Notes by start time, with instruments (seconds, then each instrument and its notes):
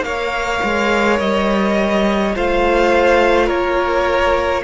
0.00 cello A#3, viola A#4, violin C#5 F5
0.63 cello G#3
1.19 cello G3, violin D#5
2.35 cello A3, viola F4, violin C5 F5
3.46 cello A#3, violin A#4 C#5